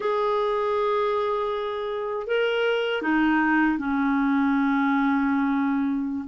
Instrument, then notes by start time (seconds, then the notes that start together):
clarinet
0.00 G#4
2.26 A#4
3.02 D#4
3.78 C#4